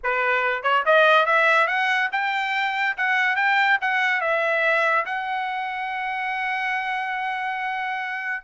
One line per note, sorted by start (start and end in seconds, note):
0.03 0.62 B4
0.62 0.83 C#5
0.85 1.26 D#5
1.26 1.67 E5
1.67 2.09 F#5
2.12 2.96 G5
2.97 3.36 F#5
3.36 3.78 G5
3.81 4.20 F#5
4.20 5.05 E5
5.05 8.43 F#5